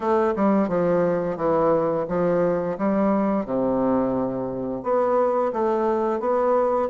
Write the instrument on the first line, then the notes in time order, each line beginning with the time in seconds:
bassoon
0.00 A3
0.36 G3
0.68 F3
1.36 E3
2.08 F3
2.77 G3
3.45 C3
4.83 B3
5.53 A3
6.19 B3